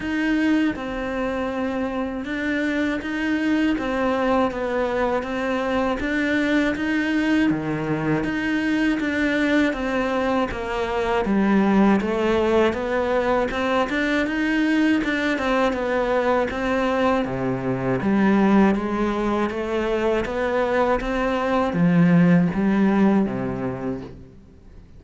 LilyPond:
\new Staff \with { instrumentName = "cello" } { \time 4/4 \tempo 4 = 80 dis'4 c'2 d'4 | dis'4 c'4 b4 c'4 | d'4 dis'4 dis4 dis'4 | d'4 c'4 ais4 g4 |
a4 b4 c'8 d'8 dis'4 | d'8 c'8 b4 c'4 c4 | g4 gis4 a4 b4 | c'4 f4 g4 c4 | }